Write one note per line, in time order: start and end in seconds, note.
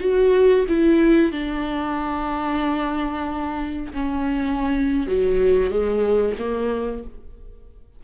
0.00 0.65 F#4
0.68 1.32 E4
1.32 3.92 D4
3.93 5.07 C#4
5.07 5.70 F#3
5.70 6.36 G#3
6.39 7.04 A#3